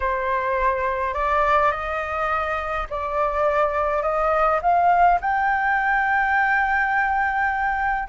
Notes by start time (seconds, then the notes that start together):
0.00 C5
1.14 D5
1.72 D#5
2.90 D5
4.02 D#5
4.62 F5
5.20 G5